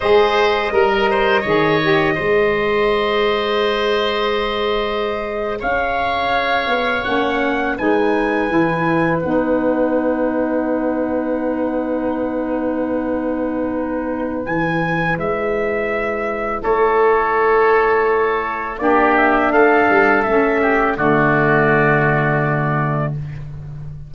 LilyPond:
<<
  \new Staff \with { instrumentName = "trumpet" } { \time 4/4 \tempo 4 = 83 dis''1~ | dis''2.~ dis''8. f''16~ | f''4.~ f''16 fis''4 gis''4~ gis''16~ | gis''8. fis''2.~ fis''16~ |
fis''1 | gis''4 e''2 cis''4~ | cis''2 d''8 e''8 f''4 | e''4 d''2. | }
  \new Staff \with { instrumentName = "oboe" } { \time 4/4 c''4 ais'8 c''8 cis''4 c''4~ | c''2.~ c''8. cis''16~ | cis''2~ cis''8. b'4~ b'16~ | b'1~ |
b'1~ | b'2. a'4~ | a'2 g'4 a'4~ | a'8 g'8 fis'2. | }
  \new Staff \with { instrumentName = "saxophone" } { \time 4/4 gis'4 ais'4 gis'8 g'8 gis'4~ | gis'1~ | gis'4.~ gis'16 cis'4 dis'4 e'16~ | e'8. dis'2.~ dis'16~ |
dis'1 | e'1~ | e'2 d'2 | cis'4 a2. | }
  \new Staff \with { instrumentName = "tuba" } { \time 4/4 gis4 g4 dis4 gis4~ | gis2.~ gis8. cis'16~ | cis'4~ cis'16 b8 ais4 gis4 e16~ | e8. b2.~ b16~ |
b1 | e4 gis2 a4~ | a2 ais4 a8 g8 | a4 d2. | }
>>